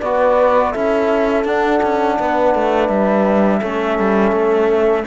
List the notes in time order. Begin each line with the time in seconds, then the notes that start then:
0.00 B3 F#4 B4 D5
0.72 C#4 E4 A4 E5
1.44 D4 F#5
1.83 C#4
2.19 B3 B4
2.55 A3
2.87 G3 E5
3.60 A3 C#4 A4
3.99 G3
4.32 A3